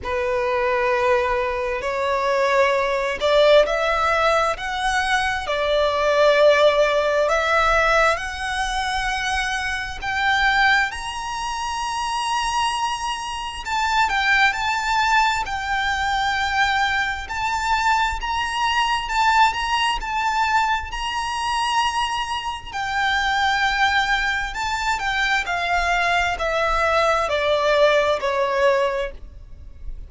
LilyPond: \new Staff \with { instrumentName = "violin" } { \time 4/4 \tempo 4 = 66 b'2 cis''4. d''8 | e''4 fis''4 d''2 | e''4 fis''2 g''4 | ais''2. a''8 g''8 |
a''4 g''2 a''4 | ais''4 a''8 ais''8 a''4 ais''4~ | ais''4 g''2 a''8 g''8 | f''4 e''4 d''4 cis''4 | }